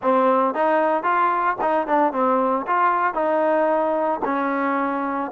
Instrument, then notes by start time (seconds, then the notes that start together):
trombone
0.02 C4
0.54 D#4
1.03 F4
1.61 D#4
1.87 D4
2.12 C4
2.66 F4
3.14 D#4
4.25 C#4